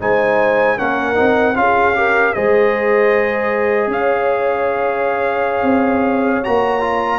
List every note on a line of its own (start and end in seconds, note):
0.00 0.79 G#3
0.00 0.77 D#4
0.00 0.77 C5
0.00 0.78 G#5
0.77 1.19 A#3
0.77 1.15 C#4
0.77 1.55 A#4
0.77 1.56 F#5
1.15 1.56 C4
1.15 1.54 D#4
1.55 2.34 C#4
1.55 1.94 F4
1.55 1.98 G#4
1.55 2.33 F5
1.94 2.33 G4
1.94 2.35 A#4
2.33 3.87 G#3
2.33 6.44 G#4
2.33 3.90 C5
2.33 3.89 D#5
3.87 5.62 C#4
3.87 7.19 C#5
3.87 6.44 F5
5.63 6.41 C4
6.44 7.19 A#3
6.44 6.80 F#4
6.44 7.19 A#5
6.80 7.19 F4